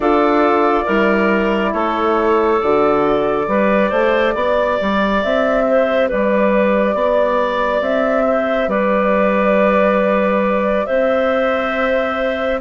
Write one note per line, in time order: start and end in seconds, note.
0.00 0.83 D4
0.00 0.86 F4
0.00 0.84 A4
0.00 1.73 D5
0.84 1.73 G3
0.84 2.60 E4
0.84 1.71 A#4
1.73 2.60 A3
1.73 3.47 A4
1.73 2.60 C#5
2.60 3.47 D3
2.60 3.45 F#4
2.60 5.21 D5
3.45 3.91 G3
3.45 12.58 G4
3.45 3.89 B4
3.89 4.34 A3
3.89 4.33 C5
4.34 4.78 B3
4.34 5.64 D5
4.81 5.24 G3
5.22 6.11 C4
5.22 6.09 E5
5.68 6.08 C5
6.08 6.94 G3
6.08 6.94 B4
6.08 7.82 D5
6.94 7.81 B3
6.94 8.24 D5
7.81 8.67 C4
7.81 8.69 E5
8.27 8.69 C5
8.67 10.85 G3
8.67 10.86 B4
8.67 10.86 D5
10.86 12.60 C4
10.86 12.60 C5
10.86 12.60 E5